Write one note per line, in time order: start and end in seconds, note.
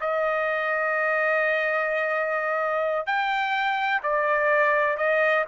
0.00 3.06 D#5
3.06 4.02 G5
4.03 4.97 D5
4.97 5.45 D#5